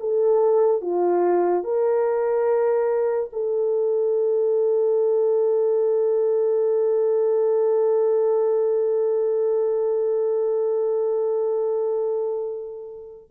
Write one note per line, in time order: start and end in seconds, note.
0.00 0.81 A4
0.81 1.64 F4
1.64 3.30 A#4
3.33 13.31 A4